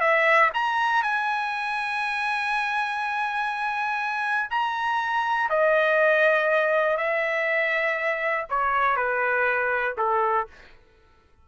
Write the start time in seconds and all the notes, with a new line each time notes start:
0.00 E5
0.54 A#5
1.03 G#5
4.50 A#5
5.49 D#5
6.97 E5
8.49 C#5
8.96 B4
9.97 A4